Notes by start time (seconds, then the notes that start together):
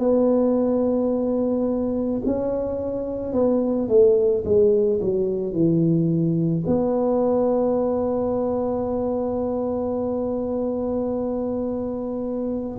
0.00 B3
2.26 C#4
3.33 B3
3.89 A3
4.45 G#3
5.01 F#3
5.53 E3
6.67 B3